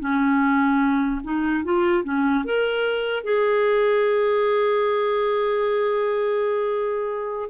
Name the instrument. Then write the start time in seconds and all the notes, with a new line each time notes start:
clarinet
0.00 C#4
1.24 D#4
1.64 F4
2.04 C#4
2.45 A#4
3.24 G#4